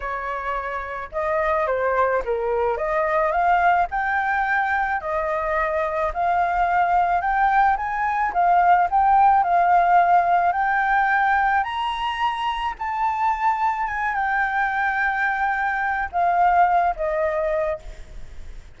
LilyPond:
\new Staff \with { instrumentName = "flute" } { \time 4/4 \tempo 4 = 108 cis''2 dis''4 c''4 | ais'4 dis''4 f''4 g''4~ | g''4 dis''2 f''4~ | f''4 g''4 gis''4 f''4 |
g''4 f''2 g''4~ | g''4 ais''2 a''4~ | a''4 gis''8 g''2~ g''8~ | g''4 f''4. dis''4. | }